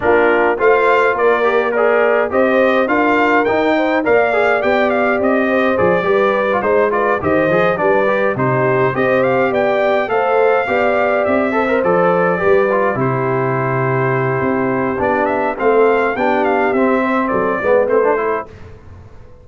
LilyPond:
<<
  \new Staff \with { instrumentName = "trumpet" } { \time 4/4 \tempo 4 = 104 ais'4 f''4 d''4 ais'4 | dis''4 f''4 g''4 f''4 | g''8 f''8 dis''4 d''4. c''8 | d''8 dis''4 d''4 c''4 dis''8 |
f''8 g''4 f''2 e''8~ | e''8 d''2 c''4.~ | c''2 d''8 e''8 f''4 | g''8 f''8 e''4 d''4 c''4 | }
  \new Staff \with { instrumentName = "horn" } { \time 4/4 f'4 c''4 ais'4 d''4 | c''4 ais'4. c''8 d''4~ | d''4. c''4 b'4 c''8 | b'8 c''4 b'4 g'4 c''8~ |
c''8 d''4 c''4 d''4. | c''4. b'4 g'4.~ | g'2. a'4 | g'4. c''8 a'8 b'4 a'8 | }
  \new Staff \with { instrumentName = "trombone" } { \time 4/4 d'4 f'4. g'8 gis'4 | g'4 f'4 dis'4 ais'8 gis'8 | g'2 gis'8 g'8. f'16 dis'8 | f'8 g'8 gis'8 d'8 g'8 dis'4 g'8~ |
g'4. a'4 g'4. | a'16 ais'16 a'4 g'8 f'8 e'4.~ | e'2 d'4 c'4 | d'4 c'4. b8 c'16 d'16 e'8 | }
  \new Staff \with { instrumentName = "tuba" } { \time 4/4 ais4 a4 ais2 | c'4 d'4 dis'4 ais4 | b4 c'4 f8 g4 gis8~ | gis8 dis8 f8 g4 c4 c'8~ |
c'8 b4 a4 b4 c'8~ | c'8 f4 g4 c4.~ | c4 c'4 b4 a4 | b4 c'4 fis8 gis8 a4 | }
>>